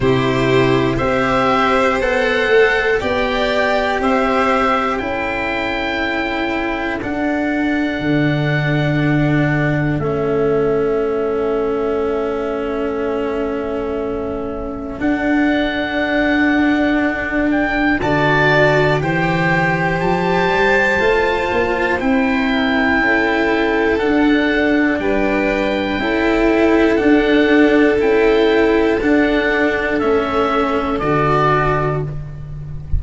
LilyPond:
<<
  \new Staff \with { instrumentName = "oboe" } { \time 4/4 \tempo 4 = 60 c''4 e''4 fis''4 g''4 | e''4 g''2 fis''4~ | fis''2 e''2~ | e''2. fis''4~ |
fis''4. g''8 a''4 g''4 | a''2 g''2 | fis''4 g''2 fis''4 | g''4 fis''4 e''4 d''4 | }
  \new Staff \with { instrumentName = "violin" } { \time 4/4 g'4 c''2 d''4 | c''4 a'2.~ | a'1~ | a'1~ |
a'2 d''4 c''4~ | c''2~ c''8 ais'8 a'4~ | a'4 b'4 a'2~ | a'1 | }
  \new Staff \with { instrumentName = "cello" } { \time 4/4 e'4 g'4 a'4 g'4~ | g'4 e'2 d'4~ | d'2 cis'2~ | cis'2. d'4~ |
d'2 fis'4 g'4~ | g'4 f'4 e'2 | d'2 e'4 d'4 | e'4 d'4 cis'4 fis'4 | }
  \new Staff \with { instrumentName = "tuba" } { \time 4/4 c4 c'4 b8 a8 b4 | c'4 cis'2 d'4 | d2 a2~ | a2. d'4~ |
d'2 d4 e4 | f8 g8 a8 ais8 c'4 cis'4 | d'4 g4 cis'4 d'4 | cis'4 d'4 a4 d4 | }
>>